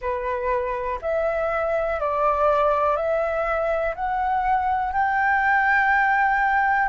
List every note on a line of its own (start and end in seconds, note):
0.00 0.99 B4
1.01 1.99 E5
2.00 2.96 D5
2.96 3.94 E5
3.95 4.92 F#5
4.92 6.89 G5